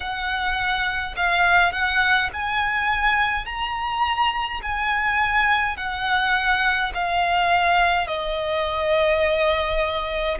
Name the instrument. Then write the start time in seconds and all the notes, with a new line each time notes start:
violin
0.00 F#5
1.16 F5
1.72 F#5
2.33 G#5
3.45 A#5
4.62 G#5
5.76 F#5
6.94 F5
8.07 D#5